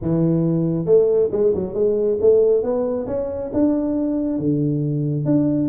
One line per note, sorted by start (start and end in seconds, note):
0.01 0.85 E3
0.85 1.29 A3
1.31 1.53 G#3
1.54 1.74 F#3
1.74 2.17 G#3
2.20 2.62 A3
2.62 3.06 B3
3.07 3.50 C#4
3.53 4.38 D4
4.38 5.25 D3
5.25 5.69 D4